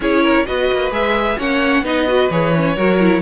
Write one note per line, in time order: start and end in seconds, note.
0.00 0.45 C#4
0.00 0.46 E4
0.00 0.22 G#4
0.00 0.46 C#5
0.22 0.45 A#4
0.46 0.70 B3
0.46 0.91 F#4
0.46 1.37 B4
0.46 0.92 D#5
0.71 0.91 A#3
0.91 1.37 G#3
0.91 1.37 G#4
0.91 1.39 E5
1.37 1.82 A#3
1.37 1.84 C#4
1.37 1.84 C#5
1.37 1.85 F#5
1.82 2.28 B3
1.82 2.07 D#4
1.82 2.75 B4
1.82 2.30 D#5
2.07 2.30 F#4
2.30 2.76 E3
2.30 2.53 G#4
2.30 3.22 C#5
2.55 2.77 C#4
2.75 3.22 F#3
2.75 3.00 F#4
2.75 3.22 A#4
3.00 3.22 E4